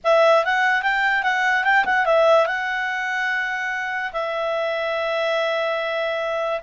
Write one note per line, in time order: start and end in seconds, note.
0.03 0.44 E5
0.44 0.82 F#5
0.82 1.23 G5
1.23 1.63 F#5
1.63 1.84 G5
1.85 2.05 F#5
2.05 2.46 E5
2.46 4.12 F#5
4.12 6.61 E5